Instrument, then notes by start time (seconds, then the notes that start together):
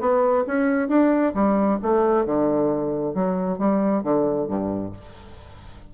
bassoon
0.00 B3
0.47 C#4
0.89 D4
1.35 G3
1.83 A3
2.26 D3
3.14 F#3
3.58 G3
4.03 D3
4.48 G2